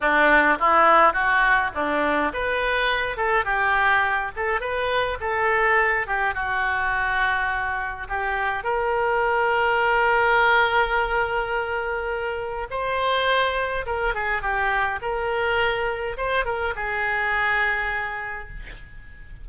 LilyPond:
\new Staff \with { instrumentName = "oboe" } { \time 4/4 \tempo 4 = 104 d'4 e'4 fis'4 d'4 | b'4. a'8 g'4. a'8 | b'4 a'4. g'8 fis'4~ | fis'2 g'4 ais'4~ |
ais'1~ | ais'2 c''2 | ais'8 gis'8 g'4 ais'2 | c''8 ais'8 gis'2. | }